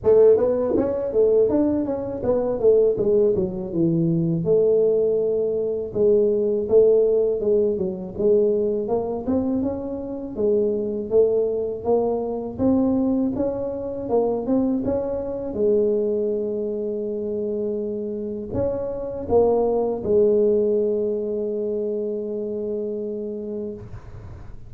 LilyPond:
\new Staff \with { instrumentName = "tuba" } { \time 4/4 \tempo 4 = 81 a8 b8 cis'8 a8 d'8 cis'8 b8 a8 | gis8 fis8 e4 a2 | gis4 a4 gis8 fis8 gis4 | ais8 c'8 cis'4 gis4 a4 |
ais4 c'4 cis'4 ais8 c'8 | cis'4 gis2.~ | gis4 cis'4 ais4 gis4~ | gis1 | }